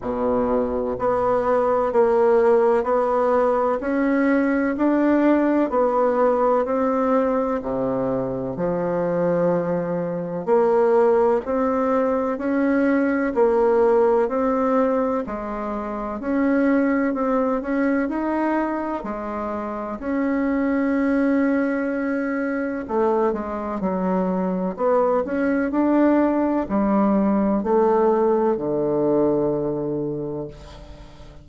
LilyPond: \new Staff \with { instrumentName = "bassoon" } { \time 4/4 \tempo 4 = 63 b,4 b4 ais4 b4 | cis'4 d'4 b4 c'4 | c4 f2 ais4 | c'4 cis'4 ais4 c'4 |
gis4 cis'4 c'8 cis'8 dis'4 | gis4 cis'2. | a8 gis8 fis4 b8 cis'8 d'4 | g4 a4 d2 | }